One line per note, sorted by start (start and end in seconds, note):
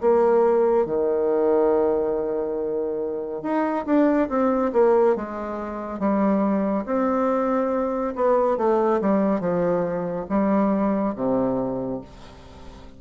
0.00 0.85 A#3
0.85 3.42 D#3
3.42 3.85 D#4
3.85 4.28 D4
4.29 4.71 C4
4.73 5.15 A#3
5.16 5.99 G#3
5.99 6.85 G3
6.85 8.14 C4
8.15 8.57 B3
8.57 9.00 A3
9.01 9.40 G3
9.40 10.26 F3
10.29 11.15 G3
11.15 12.01 C3